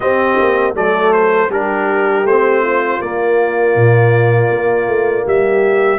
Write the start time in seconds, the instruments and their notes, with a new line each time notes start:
0.00 trombone C4, tuba C4, horn G4, trumpet D#5
0.39 tuba A#3
0.74 tuba F#3, trombone A3, horn A4, trumpet D5
1.12 trumpet C5
1.49 tuba G3, trombone D4, horn G4, trumpet A#4
2.24 tuba A3, trombone C4, trumpet C5
2.62 horn F4
3.00 tuba A#3, trombone A#3, trumpet D5
3.75 tuba A#2
4.50 tuba A#3
4.87 tuba A3
5.25 tuba G3, horn G4, trumpet E5